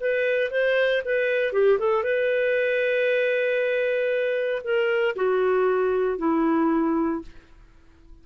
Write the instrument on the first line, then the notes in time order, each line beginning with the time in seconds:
clarinet
0.00 B4
0.50 C5
1.05 B4
1.52 G4
1.79 A4
2.03 B4
4.64 A#4
5.16 F#4
6.18 E4